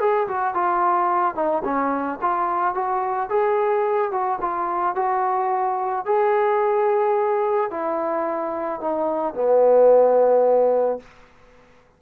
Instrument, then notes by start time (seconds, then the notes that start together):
trombone
0.00 G#4
0.28 F#4
0.54 F4
1.35 D#4
1.64 C#4
2.22 F4
2.74 F#4
3.30 G#4
4.11 F#4
4.41 F4
4.95 F#4
6.06 G#4
7.71 E4
8.81 D#4
9.34 B3